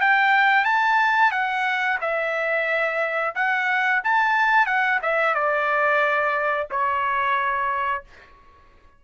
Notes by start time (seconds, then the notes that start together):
0.00 G5
0.64 A5
1.31 F#5
2.01 E5
3.35 F#5
4.03 A5
4.66 F#5
5.02 E5
5.34 D5
6.70 C#5